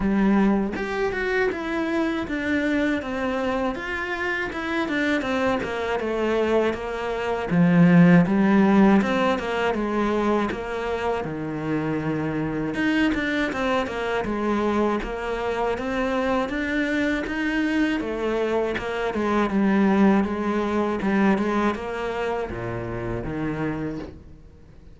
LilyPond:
\new Staff \with { instrumentName = "cello" } { \time 4/4 \tempo 4 = 80 g4 g'8 fis'8 e'4 d'4 | c'4 f'4 e'8 d'8 c'8 ais8 | a4 ais4 f4 g4 | c'8 ais8 gis4 ais4 dis4~ |
dis4 dis'8 d'8 c'8 ais8 gis4 | ais4 c'4 d'4 dis'4 | a4 ais8 gis8 g4 gis4 | g8 gis8 ais4 ais,4 dis4 | }